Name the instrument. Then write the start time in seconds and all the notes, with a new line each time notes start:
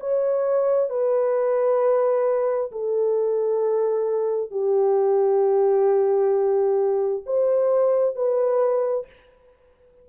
horn
0.00 C#5
0.89 B4
2.71 A4
4.50 G4
7.26 C5
8.16 B4